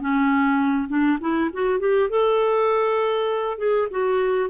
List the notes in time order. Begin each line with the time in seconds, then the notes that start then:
0.00 C#4
0.88 D4
1.20 E4
1.53 F#4
1.79 G4
2.09 A4
3.58 G#4
3.90 F#4